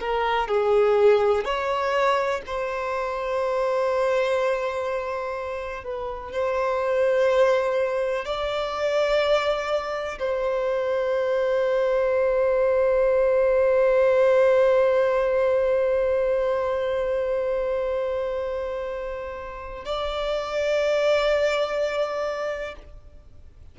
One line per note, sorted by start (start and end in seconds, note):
0.00 0.48 A#4
0.48 1.45 G#4
1.45 2.41 C#5
2.47 5.84 C5
5.84 6.33 B4
6.33 8.25 C5
8.25 10.19 D5
10.19 19.85 C5
19.85 22.76 D5